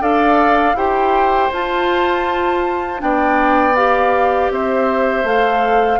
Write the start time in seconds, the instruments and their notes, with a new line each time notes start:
0.00 bassoon D4, clarinet A4, oboe D5, flute F5
0.74 bassoon E4, clarinet G4, oboe C5, flute G5
1.52 clarinet F4, bassoon F4, flute A5
2.98 bassoon B3, clarinet D4, oboe D5, flute G5
3.76 clarinet G4, flute F5
4.50 bassoon C4, oboe C5, flute E5
5.24 bassoon A3, clarinet A4, flute F5